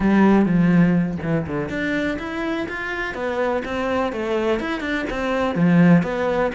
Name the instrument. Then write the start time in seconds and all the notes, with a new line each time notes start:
cello
0.00 G3
0.45 F3
1.22 E3
1.46 D3
1.69 D4
2.18 E4
2.68 F4
3.14 B3
3.64 C4
4.12 A3
4.59 E4
4.80 D4
5.09 C4
5.55 F3
6.02 B3